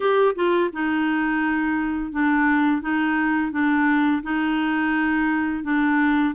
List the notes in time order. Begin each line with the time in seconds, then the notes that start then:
0.00 G4
0.35 F4
0.73 D#4
2.12 D4
2.81 D#4
3.51 D4
4.23 D#4
5.63 D4